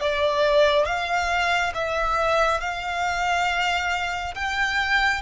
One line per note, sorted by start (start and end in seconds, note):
0.00 0.86 D5
0.86 1.73 F5
1.74 2.60 E5
2.60 4.34 F5
4.35 5.21 G5